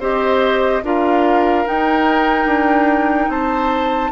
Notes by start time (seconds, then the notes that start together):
0.00 C4 G4 C5 D#5
0.83 D4 F4 A#4 F5
1.65 D#4 G5
2.46 D4
3.28 C4 C5 A5